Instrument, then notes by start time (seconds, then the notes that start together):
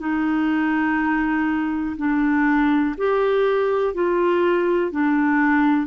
clarinet
0.00 D#4
1.97 D4
2.98 G4
3.95 F4
4.92 D4